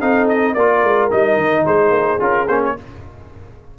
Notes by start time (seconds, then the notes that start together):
0.00 C4 D#4 A4 F5
0.29 D#5
0.54 A#3 F4 A#4 D5
0.83 G#3
1.11 G3 D#4 D#5
1.36 D#3
1.65 G#3 G#4 C5
1.90 A#3
2.20 C#4 F4 A#4
2.47 A#3 C#4 C5
2.65 C#5